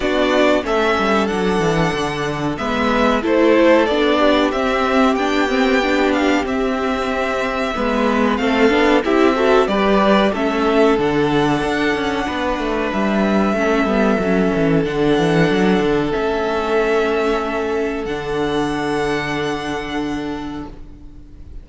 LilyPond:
<<
  \new Staff \with { instrumentName = "violin" } { \time 4/4 \tempo 4 = 93 d''4 e''4 fis''2 | e''4 c''4 d''4 e''4 | g''4. f''8 e''2~ | e''4 f''4 e''4 d''4 |
e''4 fis''2. | e''2. fis''4~ | fis''4 e''2. | fis''1 | }
  \new Staff \with { instrumentName = "violin" } { \time 4/4 fis'4 a'2. | b'4 a'4. g'4.~ | g'1 | b'4 a'4 g'8 a'8 b'4 |
a'2. b'4~ | b'4 a'2.~ | a'1~ | a'1 | }
  \new Staff \with { instrumentName = "viola" } { \time 4/4 d'4 cis'4 d'2 | b4 e'4 d'4 c'4 | d'8 c'8 d'4 c'2 | b4 c'8 d'8 e'8 fis'8 g'4 |
cis'4 d'2.~ | d'4 cis'8 b8 cis'4 d'4~ | d'4 cis'2. | d'1 | }
  \new Staff \with { instrumentName = "cello" } { \time 4/4 b4 a8 g8 fis8 e8 d4 | gis4 a4 b4 c'4 | b2 c'2 | gis4 a8 b8 c'4 g4 |
a4 d4 d'8 cis'8 b8 a8 | g4 a8 g8 fis8 e8 d8 e8 | fis8 d8 a2. | d1 | }
>>